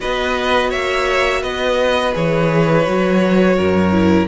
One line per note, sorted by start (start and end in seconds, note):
0.00 0.73 B3
0.00 2.13 F#4
0.00 0.69 B4
0.00 0.71 D#5
0.69 1.43 A#3
0.69 1.41 C#5
0.69 1.42 E5
1.41 2.14 B3
1.41 3.56 B4
1.41 2.14 D#5
2.13 2.87 E3
2.13 2.84 G#4
2.13 4.28 C#5
2.86 3.58 F#3
2.86 3.92 F#4
3.57 4.28 F#2
3.57 4.28 A#4
3.92 4.27 E4